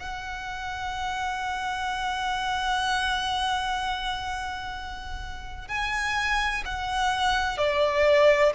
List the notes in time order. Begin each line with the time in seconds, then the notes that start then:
0.00 F#5
5.69 G#5
6.66 F#5
7.58 D5